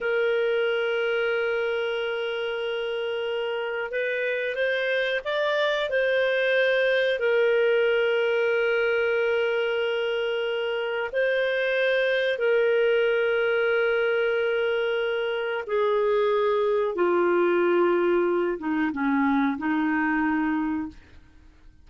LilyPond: \new Staff \with { instrumentName = "clarinet" } { \time 4/4 \tempo 4 = 92 ais'1~ | ais'2 b'4 c''4 | d''4 c''2 ais'4~ | ais'1~ |
ais'4 c''2 ais'4~ | ais'1 | gis'2 f'2~ | f'8 dis'8 cis'4 dis'2 | }